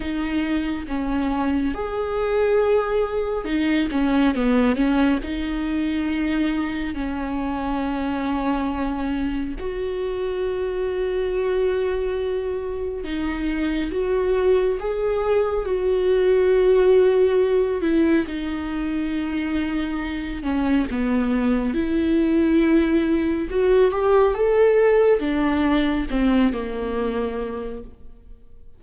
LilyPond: \new Staff \with { instrumentName = "viola" } { \time 4/4 \tempo 4 = 69 dis'4 cis'4 gis'2 | dis'8 cis'8 b8 cis'8 dis'2 | cis'2. fis'4~ | fis'2. dis'4 |
fis'4 gis'4 fis'2~ | fis'8 e'8 dis'2~ dis'8 cis'8 | b4 e'2 fis'8 g'8 | a'4 d'4 c'8 ais4. | }